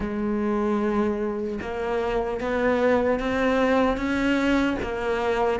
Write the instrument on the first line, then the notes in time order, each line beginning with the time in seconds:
cello
0.00 G#3
1.61 A#3
2.40 B3
3.19 C4
3.97 C#4
4.82 A#3